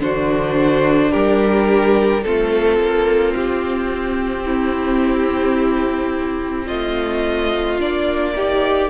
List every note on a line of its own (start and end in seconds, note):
0.00 1.11 D3
0.00 2.22 D4
0.00 1.11 F#4
0.00 1.12 C5
1.11 2.25 G3
1.11 2.22 G4
1.11 2.23 A#4
2.23 2.78 A3
2.23 7.79 C4
2.23 4.44 F4
2.23 3.34 A4
2.78 3.34 A#3
3.35 6.69 C4
3.35 6.67 G4
4.44 6.66 E4
6.66 7.80 A3
6.66 8.33 F4
6.66 7.78 D#5
7.79 8.90 A#3
7.79 8.35 D4
7.79 8.90 D5
8.35 8.90 D#4
8.35 8.90 G4